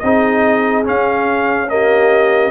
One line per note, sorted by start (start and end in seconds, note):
0.00 0.87 C4
0.00 0.84 D#4
0.00 1.70 G#4
0.00 0.83 D#5
0.84 1.68 C#4
0.84 2.51 C#4
0.84 1.69 F5
1.68 2.51 A#3
1.68 2.51 G4
1.68 2.51 D#5